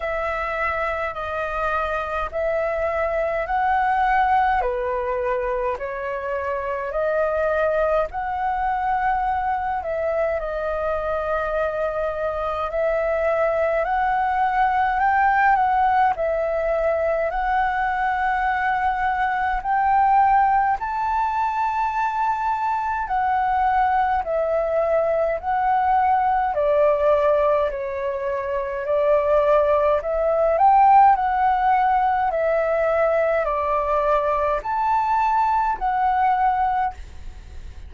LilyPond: \new Staff \with { instrumentName = "flute" } { \time 4/4 \tempo 4 = 52 e''4 dis''4 e''4 fis''4 | b'4 cis''4 dis''4 fis''4~ | fis''8 e''8 dis''2 e''4 | fis''4 g''8 fis''8 e''4 fis''4~ |
fis''4 g''4 a''2 | fis''4 e''4 fis''4 d''4 | cis''4 d''4 e''8 g''8 fis''4 | e''4 d''4 a''4 fis''4 | }